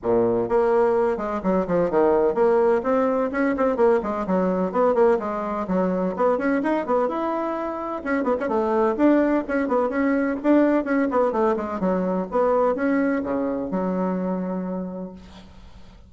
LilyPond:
\new Staff \with { instrumentName = "bassoon" } { \time 4/4 \tempo 4 = 127 ais,4 ais4. gis8 fis8 f8 | dis4 ais4 c'4 cis'8 c'8 | ais8 gis8 fis4 b8 ais8 gis4 | fis4 b8 cis'8 dis'8 b8 e'4~ |
e'4 cis'8 b16 cis'16 a4 d'4 | cis'8 b8 cis'4 d'4 cis'8 b8 | a8 gis8 fis4 b4 cis'4 | cis4 fis2. | }